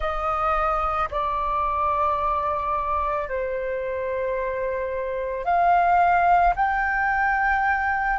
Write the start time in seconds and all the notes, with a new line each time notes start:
0.00 D#5
1.10 D5
3.28 C5
5.44 F5
6.55 G5